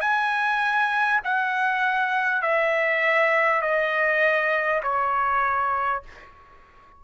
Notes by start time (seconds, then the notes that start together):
0.00 G#5
1.24 F#5
2.42 E5
3.62 D#5
4.83 C#5